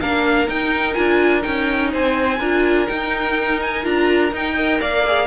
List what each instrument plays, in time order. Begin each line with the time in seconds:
0.00 cello A#3, viola D4, violin A#4 F5
0.47 viola D#4, cello D#4, violin G5
0.94 cello D4, viola F4, violin G#5
1.41 cello C#4, viola D#4, violin G5
1.92 cello C4, violin C5 G#5
2.39 cello D4, viola F4, violin A#4
2.87 viola D#4, cello D#4, violin G5
3.61 violin G#5
3.83 cello D4, viola F4, violin A#5
4.32 viola D#4, cello D#4, violin G5
4.54 viola A#4, violin D#5
4.80 cello A#3, violin D5 F5
5.07 viola G#4